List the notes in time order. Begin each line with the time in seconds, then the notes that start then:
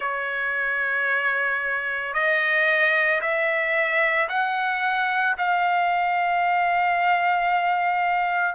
0.00 C#5
2.13 D#5
3.21 E5
4.29 F#5
5.37 F5